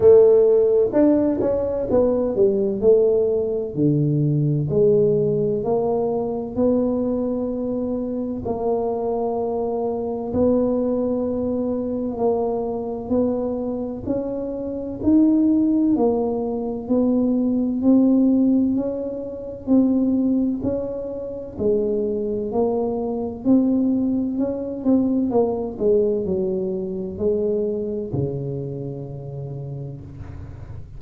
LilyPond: \new Staff \with { instrumentName = "tuba" } { \time 4/4 \tempo 4 = 64 a4 d'8 cis'8 b8 g8 a4 | d4 gis4 ais4 b4~ | b4 ais2 b4~ | b4 ais4 b4 cis'4 |
dis'4 ais4 b4 c'4 | cis'4 c'4 cis'4 gis4 | ais4 c'4 cis'8 c'8 ais8 gis8 | fis4 gis4 cis2 | }